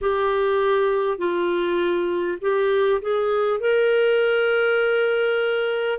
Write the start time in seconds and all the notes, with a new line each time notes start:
0.01 G4
1.18 F4
2.41 G4
3.01 G#4
3.59 A#4